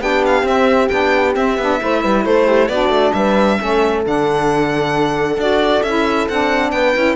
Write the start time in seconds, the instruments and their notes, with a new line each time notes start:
0.00 cello B3, saxophone D4, horn G4, violin G5
0.26 violin F5
0.43 cello C4, saxophone C4, violin E5
0.88 cello B3, saxophone D4, violin G5
1.34 saxophone C4, cello C4, violin E5
1.58 cello B3, saxophone D4
1.80 cello A3, saxophone E4, horn C5
2.01 cello G3, horn B4
2.25 cello A3, horn A4, violin C5
2.47 horn G4
2.68 cello B3, saxophone D4, horn F#4, violin D5
2.89 cello A3
3.13 cello G3, horn B4, violin E5
3.59 cello A3, saxophone C#4, horn A4
4.04 cello D3, saxophone D4, violin F#5
5.37 cello D4, saxophone F#4, violin D5
5.83 cello C#4, saxophone E4, violin E5
6.29 cello C4, saxophone D4, violin F#5
6.71 cello B3, horn B4, violin G5
6.96 cello C#4, saxophone E4